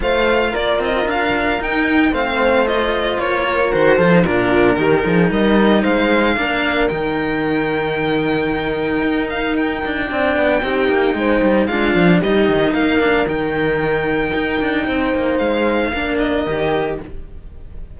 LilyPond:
<<
  \new Staff \with { instrumentName = "violin" } { \time 4/4 \tempo 4 = 113 f''4 d''8 dis''8 f''4 g''4 | f''4 dis''4 cis''4 c''4 | ais'2 dis''4 f''4~ | f''4 g''2.~ |
g''4. f''8 g''2~ | g''2 f''4 dis''4 | f''4 g''2.~ | g''4 f''4. dis''4. | }
  \new Staff \with { instrumentName = "horn" } { \time 4/4 c''4 ais'2. | c''2~ c''8 ais'4 a'8 | f'4 g'8 gis'8 ais'4 c''4 | ais'1~ |
ais'2. d''4 | g'4 c''4 f'4 g'4 | ais'1 | c''2 ais'2 | }
  \new Staff \with { instrumentName = "cello" } { \time 4/4 f'2. dis'4 | c'4 f'2 fis'8 f'16 dis'16 | d'4 dis'2. | d'4 dis'2.~ |
dis'2. d'4 | dis'2 d'4 dis'4~ | dis'8 d'8 dis'2.~ | dis'2 d'4 g'4 | }
  \new Staff \with { instrumentName = "cello" } { \time 4/4 a4 ais8 c'8 d'4 dis'4 | a2 ais4 dis8 f8 | ais,4 dis8 f8 g4 gis4 | ais4 dis2.~ |
dis4 dis'4. d'8 c'8 b8 | c'8 ais8 gis8 g8 gis8 f8 g8 dis8 | ais4 dis2 dis'8 d'8 | c'8 ais8 gis4 ais4 dis4 | }
>>